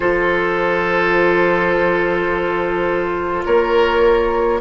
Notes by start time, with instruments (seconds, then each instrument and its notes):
0.00 bassoon F3, clarinet F4, oboe A4, flute C5
3.45 bassoon A#3, oboe A#4, flute C#5